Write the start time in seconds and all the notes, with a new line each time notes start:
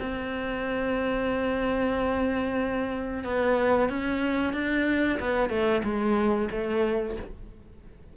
0.00 C4
3.24 B3
3.90 C#4
4.54 D4
5.20 B3
5.50 A3
5.84 G#3
6.52 A3